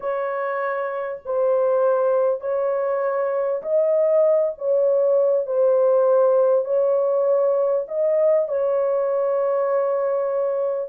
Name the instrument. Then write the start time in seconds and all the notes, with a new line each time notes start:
horn
0.00 C#5
1.25 C5
2.40 C#5
3.62 D#5
4.58 C#5
5.46 C5
6.64 C#5
7.88 D#5
8.48 C#5